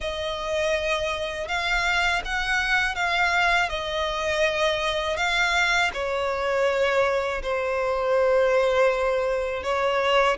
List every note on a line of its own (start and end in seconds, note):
0.00 1.48 D#5
1.48 2.22 F5
2.24 2.95 F#5
2.95 3.69 F5
3.69 5.16 D#5
5.16 5.90 F5
5.93 7.41 C#5
7.42 9.63 C5
9.63 10.37 C#5